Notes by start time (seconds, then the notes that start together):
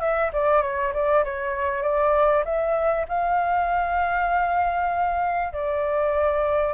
0.00 E5
0.33 D5
0.62 C#5
0.94 D5
1.24 C#5
1.82 D5
2.45 E5
3.08 F5
5.53 D5